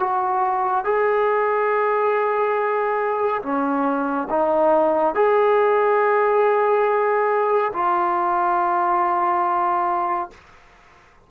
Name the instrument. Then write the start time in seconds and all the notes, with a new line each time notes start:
trombone
0.00 F#4
0.85 G#4
3.42 C#4
4.30 D#4
5.15 G#4
7.73 F4